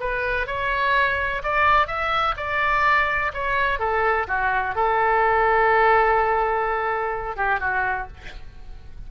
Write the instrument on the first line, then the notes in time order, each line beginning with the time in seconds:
oboe
0.00 B4
0.47 C#5
1.43 D5
1.87 E5
2.37 D5
3.33 C#5
3.79 A4
4.27 F#4
4.75 A4
7.36 G4
7.60 F#4